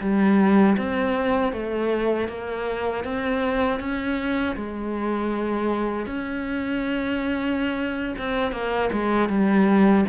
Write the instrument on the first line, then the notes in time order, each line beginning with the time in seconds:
cello
0.00 G3
0.77 C4
1.52 A3
2.28 A#3
3.04 C4
3.79 C#4
4.55 G#3
6.06 C#4
8.18 C4
8.51 A#3
8.92 G#3
9.29 G3